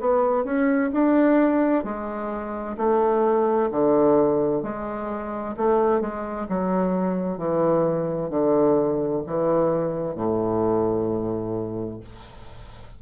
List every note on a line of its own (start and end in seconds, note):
0.00 0.44 B3
0.44 0.90 C#4
0.93 1.84 D4
1.84 2.76 G#3
2.77 3.69 A3
3.71 4.62 D3
4.62 5.55 G#3
5.56 6.00 A3
6.00 6.47 G#3
6.49 7.38 F#3
7.38 8.30 E3
8.30 9.22 D3
9.26 10.15 E3
10.15 12.00 A2